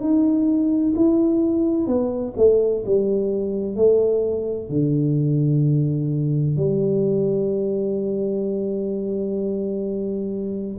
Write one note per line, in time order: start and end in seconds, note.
0.00 0.94 D#4
0.95 1.87 E4
1.87 2.34 B3
2.37 2.84 A3
2.86 3.76 G3
3.76 4.69 A3
4.69 6.56 D3
6.56 10.78 G3